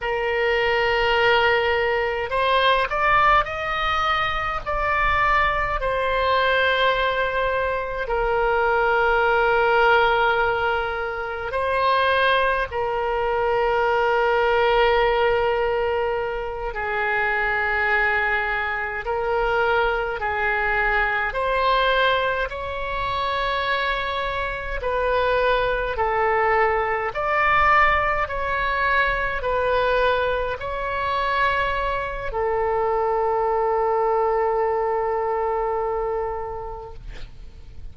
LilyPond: \new Staff \with { instrumentName = "oboe" } { \time 4/4 \tempo 4 = 52 ais'2 c''8 d''8 dis''4 | d''4 c''2 ais'4~ | ais'2 c''4 ais'4~ | ais'2~ ais'8 gis'4.~ |
gis'8 ais'4 gis'4 c''4 cis''8~ | cis''4. b'4 a'4 d''8~ | d''8 cis''4 b'4 cis''4. | a'1 | }